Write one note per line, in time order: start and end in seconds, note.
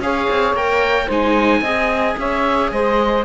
0.00 0.27 C#4
0.00 0.56 G#4
0.00 1.06 C#5
0.00 0.56 F5
0.30 0.53 C4
0.53 1.07 A#3
0.53 1.09 A#4
0.53 1.10 G5
1.06 1.61 G#3
1.06 1.63 D#4
1.06 1.60 C5
1.06 2.20 G#5
1.61 2.15 C4
1.61 3.25 G#4
1.61 2.16 D#5
2.17 2.71 C#4
2.17 2.72 C#5
2.17 2.71 E5
2.71 3.25 G#3
2.71 3.25 C5
2.71 3.25 D#5